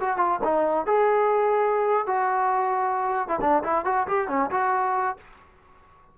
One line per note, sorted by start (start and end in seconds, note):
0.00 0.17 F#4
0.17 0.39 F4
0.44 0.86 D#4
0.86 2.07 G#4
2.07 3.28 F#4
3.28 3.40 E4
3.41 3.63 D4
3.63 3.85 E4
3.85 4.07 F#4
4.07 4.28 G4
4.28 4.50 C#4
4.50 5.17 F#4